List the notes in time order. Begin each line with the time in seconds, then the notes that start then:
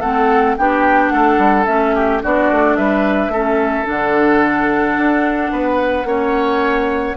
0.00 A3 C4 A4 F#5
0.58 B3 D4 G4 G5
1.09 A3 A4 F#5
1.38 G3
1.65 A3 C#4 E5
1.95 G4
2.22 B3 D4 F#4 D5
2.51 A3
2.76 G3 B4 E5
3.28 A3 C#4 A4
3.85 D3 D4 F#5
4.97 D4
5.51 B3 B4
6.04 A#3 C#4 C#5